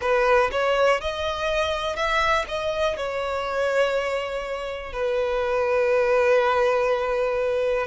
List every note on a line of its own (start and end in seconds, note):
0.01 0.50 B4
0.51 1.01 C#5
1.01 1.96 D#5
1.96 2.45 E5
2.48 2.96 D#5
2.96 4.92 C#5
4.92 7.86 B4